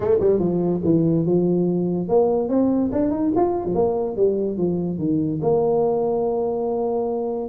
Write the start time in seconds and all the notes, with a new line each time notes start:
0.00 A3
0.20 G3
0.39 F3
0.83 E3
1.25 F3
2.08 A#3
2.48 C4
2.91 D4
3.11 D#4
3.36 F4
3.65 F3
3.74 A#3
4.16 G3
4.57 F3
4.98 D#3
5.42 A#3